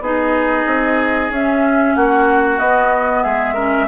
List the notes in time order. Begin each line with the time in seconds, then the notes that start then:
0.00 B3 D#4 G#4 D#5
0.66 C4
1.30 C#4 E5
1.95 A#3 F#4 F#5
2.59 B3 D#5
3.23 G#3 G#4 E5
3.54 C#4 A#4